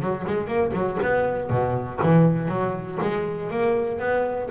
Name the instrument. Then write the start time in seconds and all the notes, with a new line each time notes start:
double bass
0.00 F#3
0.26 G#3
0.47 A#3
0.72 F#3
1.02 B3
1.50 B2
2.02 E3
2.48 F#3
3.01 G#3
3.50 A#3
3.99 B3